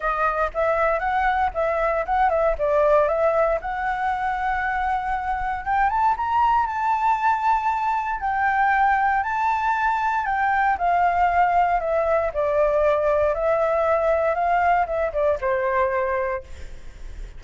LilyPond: \new Staff \with { instrumentName = "flute" } { \time 4/4 \tempo 4 = 117 dis''4 e''4 fis''4 e''4 | fis''8 e''8 d''4 e''4 fis''4~ | fis''2. g''8 a''8 | ais''4 a''2. |
g''2 a''2 | g''4 f''2 e''4 | d''2 e''2 | f''4 e''8 d''8 c''2 | }